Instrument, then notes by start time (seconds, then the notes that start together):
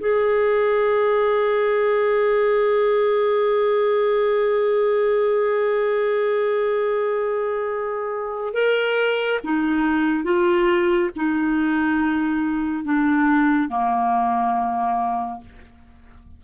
clarinet
0.00 G#4
8.53 A#4
9.44 D#4
10.24 F4
11.15 D#4
12.84 D4
13.69 A#3